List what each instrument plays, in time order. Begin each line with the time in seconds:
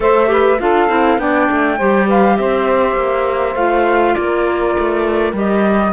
0.00 cello A3, clarinet A4, saxophone C5, flute E5
0.27 clarinet G4, saxophone B4
0.59 cello D4, clarinet F4, saxophone A4, flute F5
0.88 cello C4, clarinet E4
1.18 cello B3, clarinet D4, saxophone D5, flute G5
1.51 cello A3
1.77 cello G3, clarinet G4, saxophone C5
2.06 saxophone B4, flute F5
2.36 cello C4, saxophone C5, flute E5
2.96 cello A#3
3.55 cello A3, clarinet F4, flute F5
4.14 cello A#3, saxophone A#4, flute D5
4.78 cello A3
5.33 cello G3, clarinet G4, flute D#5